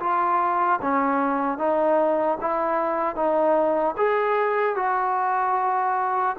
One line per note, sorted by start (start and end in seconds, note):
0.00 0.80 F4
0.82 1.58 C#4
1.58 2.38 D#4
2.41 3.16 E4
3.16 3.96 D#4
3.97 4.76 G#4
4.76 6.36 F#4